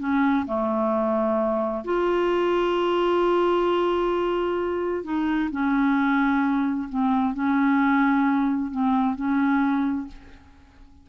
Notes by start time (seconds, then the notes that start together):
0.00 C#4
0.47 A3
1.85 F4
5.04 D#4
5.51 C#4
6.89 C4
7.34 C#4
8.71 C4
9.16 C#4